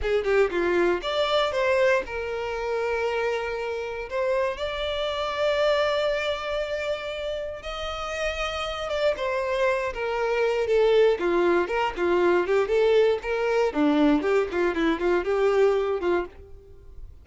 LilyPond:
\new Staff \with { instrumentName = "violin" } { \time 4/4 \tempo 4 = 118 gis'8 g'8 f'4 d''4 c''4 | ais'1 | c''4 d''2.~ | d''2. dis''4~ |
dis''4. d''8 c''4. ais'8~ | ais'4 a'4 f'4 ais'8 f'8~ | f'8 g'8 a'4 ais'4 d'4 | g'8 f'8 e'8 f'8 g'4. f'8 | }